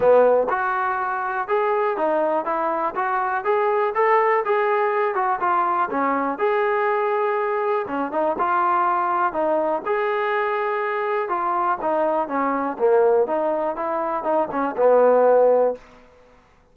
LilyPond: \new Staff \with { instrumentName = "trombone" } { \time 4/4 \tempo 4 = 122 b4 fis'2 gis'4 | dis'4 e'4 fis'4 gis'4 | a'4 gis'4. fis'8 f'4 | cis'4 gis'2. |
cis'8 dis'8 f'2 dis'4 | gis'2. f'4 | dis'4 cis'4 ais4 dis'4 | e'4 dis'8 cis'8 b2 | }